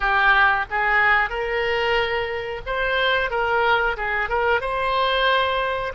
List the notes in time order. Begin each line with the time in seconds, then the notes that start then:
0.00 G4
0.70 G#4
1.29 A#4
2.66 C5
3.30 A#4
3.97 G#4
4.29 A#4
4.61 C5